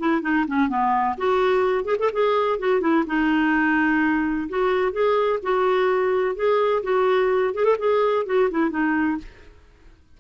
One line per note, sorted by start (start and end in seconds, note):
0.00 0.22 E4
0.22 0.46 D#4
0.48 0.69 C#4
0.69 1.16 B3
1.18 1.85 F#4
1.85 1.97 G#4
2.00 2.12 A4
2.13 2.60 G#4
2.60 2.81 F#4
2.81 3.05 E4
3.07 4.49 D#4
4.49 4.93 F#4
4.93 5.40 G#4
5.43 6.36 F#4
6.36 6.83 G#4
6.84 7.55 F#4
7.55 7.65 G#4
7.65 7.77 A4
7.79 8.26 G#4
8.26 8.50 F#4
8.51 8.71 E4
8.71 9.18 D#4